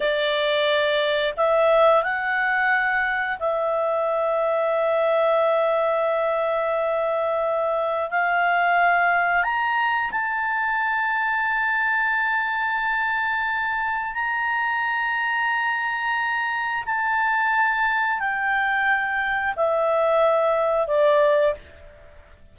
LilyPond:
\new Staff \with { instrumentName = "clarinet" } { \time 4/4 \tempo 4 = 89 d''2 e''4 fis''4~ | fis''4 e''2.~ | e''1 | f''2 ais''4 a''4~ |
a''1~ | a''4 ais''2.~ | ais''4 a''2 g''4~ | g''4 e''2 d''4 | }